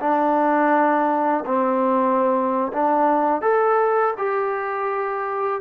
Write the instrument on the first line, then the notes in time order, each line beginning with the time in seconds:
trombone
0.00 D4
1.46 C4
2.73 D4
3.42 A4
4.18 G4